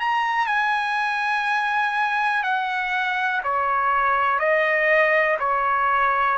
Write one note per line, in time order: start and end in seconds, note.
0.00 0.47 A#5
0.47 2.44 G#5
2.44 3.42 F#5
3.44 4.39 C#5
4.39 5.38 D#5
5.40 6.38 C#5